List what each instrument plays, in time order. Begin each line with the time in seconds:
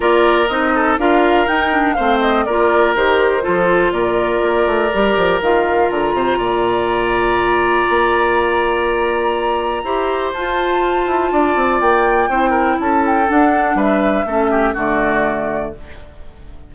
0.00 bassoon A#3, clarinet F4, oboe A#4, flute D5
0.48 bassoon C4, clarinet D#4, flute D#5
0.75 oboe A4
0.98 bassoon D4, clarinet F4, oboe A#4, flute F5
1.47 clarinet D#4, bassoon D#4, flute G5
1.71 clarinet D4
1.93 bassoon A3, clarinet C4, oboe C5, flute F5
2.20 flute D#5
2.44 bassoon A#3, clarinet F4, oboe A#4, flute D5
2.95 bassoon D#3, clarinet G4, flute C5
3.41 bassoon F3, clarinet F4, oboe A4
3.91 bassoon A#2, oboe A#4, flute D5
4.41 bassoon A#3
4.66 bassoon A3
4.92 bassoon G3, clarinet G4
5.17 bassoon F3
5.40 bassoon D#3, clarinet F4, flute F5
5.89 bassoon D3, flute A#5
6.13 bassoon C3, oboe C5
6.38 bassoon A#2, oboe D5
7.89 bassoon A#3
9.83 bassoon E4, clarinet G4, oboe C5
10.33 bassoon F4, clarinet F4, flute A5
11.06 bassoon E4
11.31 bassoon D4, oboe D5
11.55 bassoon C4
11.80 bassoon A#3, flute G5
12.28 bassoon C4, clarinet E4, oboe C5
12.50 oboe A#4
12.79 bassoon C#4, oboe A4, flute A5
13.06 flute G5
13.26 clarinet D4, bassoon D4, flute F#5
13.74 bassoon G3, oboe B4, flute E5
14.25 bassoon A3, clarinet C#4, oboe A4
14.51 oboe G4
14.73 bassoon D3, clarinet A3, oboe F#4, flute D5